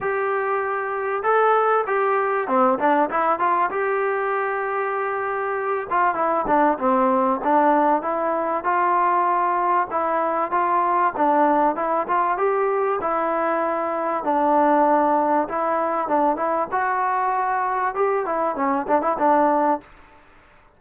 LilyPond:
\new Staff \with { instrumentName = "trombone" } { \time 4/4 \tempo 4 = 97 g'2 a'4 g'4 | c'8 d'8 e'8 f'8 g'2~ | g'4. f'8 e'8 d'8 c'4 | d'4 e'4 f'2 |
e'4 f'4 d'4 e'8 f'8 | g'4 e'2 d'4~ | d'4 e'4 d'8 e'8 fis'4~ | fis'4 g'8 e'8 cis'8 d'16 e'16 d'4 | }